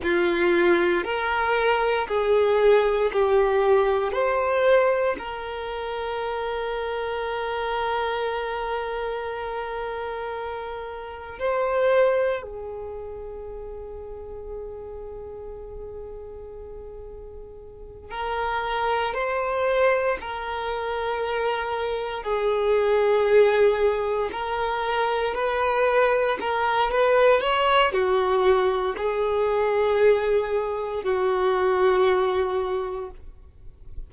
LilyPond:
\new Staff \with { instrumentName = "violin" } { \time 4/4 \tempo 4 = 58 f'4 ais'4 gis'4 g'4 | c''4 ais'2.~ | ais'2. c''4 | gis'1~ |
gis'4. ais'4 c''4 ais'8~ | ais'4. gis'2 ais'8~ | ais'8 b'4 ais'8 b'8 cis''8 fis'4 | gis'2 fis'2 | }